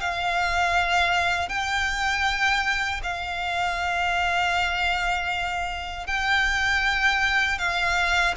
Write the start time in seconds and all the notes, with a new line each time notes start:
0.00 F5
1.49 G5
3.03 F5
6.07 G5
7.58 F5